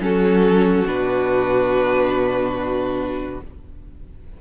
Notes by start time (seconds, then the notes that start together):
0.00 F#3 C#4 F#4 A4
0.84 B2 D4 B4